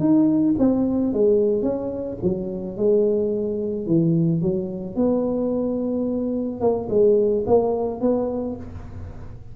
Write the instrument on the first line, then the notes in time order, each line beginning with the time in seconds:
tuba
0.00 D#4
0.59 C4
1.14 G#3
1.63 C#4
2.23 F#3
2.77 G#3
3.87 E3
4.42 F#3
4.96 B3
6.61 A#3
6.90 G#3
7.47 A#3
8.01 B3